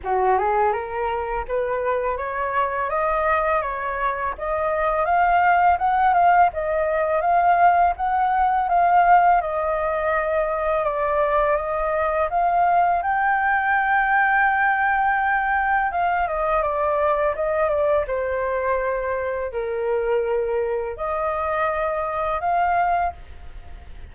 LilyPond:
\new Staff \with { instrumentName = "flute" } { \time 4/4 \tempo 4 = 83 fis'8 gis'8 ais'4 b'4 cis''4 | dis''4 cis''4 dis''4 f''4 | fis''8 f''8 dis''4 f''4 fis''4 | f''4 dis''2 d''4 |
dis''4 f''4 g''2~ | g''2 f''8 dis''8 d''4 | dis''8 d''8 c''2 ais'4~ | ais'4 dis''2 f''4 | }